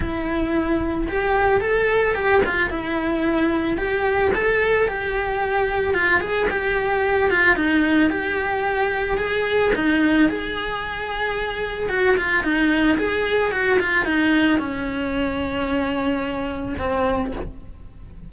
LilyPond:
\new Staff \with { instrumentName = "cello" } { \time 4/4 \tempo 4 = 111 e'2 g'4 a'4 | g'8 f'8 e'2 g'4 | a'4 g'2 f'8 gis'8 | g'4. f'8 dis'4 g'4~ |
g'4 gis'4 dis'4 gis'4~ | gis'2 fis'8 f'8 dis'4 | gis'4 fis'8 f'8 dis'4 cis'4~ | cis'2. c'4 | }